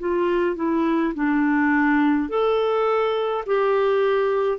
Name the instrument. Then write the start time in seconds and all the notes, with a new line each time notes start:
clarinet
0.00 F4
0.57 E4
1.15 D4
2.30 A4
3.47 G4